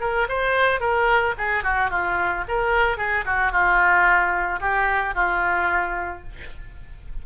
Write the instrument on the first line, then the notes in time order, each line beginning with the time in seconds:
oboe
0.00 A#4
0.29 C5
0.80 A#4
1.38 G#4
1.63 F#4
1.90 F4
2.48 A#4
2.97 G#4
3.25 F#4
3.51 F4
4.60 G4
5.14 F4